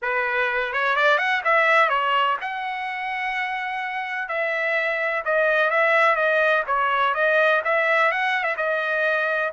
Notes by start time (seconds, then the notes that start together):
0.02 B4
0.72 C#5
0.96 D5
1.18 F#5
1.44 E5
1.89 C#5
2.41 F#5
4.28 E5
5.24 D#5
5.70 E5
6.15 D#5
6.67 C#5
7.14 D#5
7.64 E5
8.11 F#5
8.43 E5
8.56 D#5